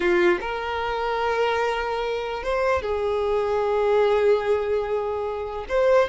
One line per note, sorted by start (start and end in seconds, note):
0.00 0.39 F4
0.40 2.43 A#4
2.43 2.82 C5
2.82 5.65 G#4
5.68 6.08 C5